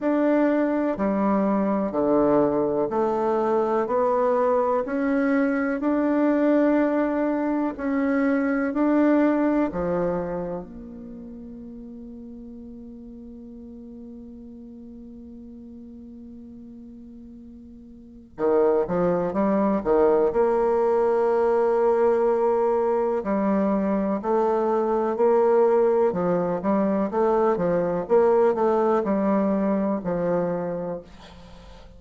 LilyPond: \new Staff \with { instrumentName = "bassoon" } { \time 4/4 \tempo 4 = 62 d'4 g4 d4 a4 | b4 cis'4 d'2 | cis'4 d'4 f4 ais4~ | ais1~ |
ais2. dis8 f8 | g8 dis8 ais2. | g4 a4 ais4 f8 g8 | a8 f8 ais8 a8 g4 f4 | }